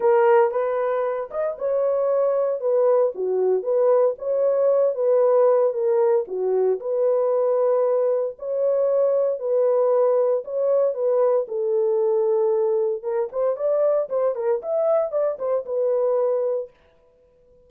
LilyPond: \new Staff \with { instrumentName = "horn" } { \time 4/4 \tempo 4 = 115 ais'4 b'4. dis''8 cis''4~ | cis''4 b'4 fis'4 b'4 | cis''4. b'4. ais'4 | fis'4 b'2. |
cis''2 b'2 | cis''4 b'4 a'2~ | a'4 ais'8 c''8 d''4 c''8 ais'8 | e''4 d''8 c''8 b'2 | }